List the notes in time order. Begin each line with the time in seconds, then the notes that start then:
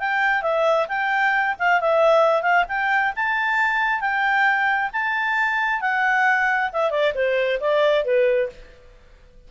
0.00 G5
0.43 E5
0.89 G5
1.60 F5
1.81 E5
2.43 F5
2.69 G5
3.16 A5
4.01 G5
4.93 A5
5.81 F#5
6.73 E5
6.91 D5
7.15 C5
7.61 D5
8.05 B4